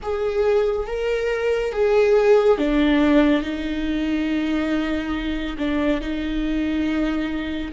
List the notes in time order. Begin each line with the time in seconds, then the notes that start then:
0.02 G#4
0.86 A#4
1.72 G#4
2.58 D4
3.42 D#4
5.58 D4
6.00 D#4